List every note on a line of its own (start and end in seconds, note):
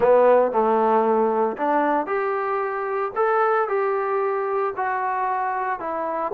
0.00 0.51 B3
0.51 1.56 A3
1.57 2.06 D4
2.06 3.11 G4
3.15 3.68 A4
3.68 4.73 G4
4.76 5.79 F#4
5.79 6.32 E4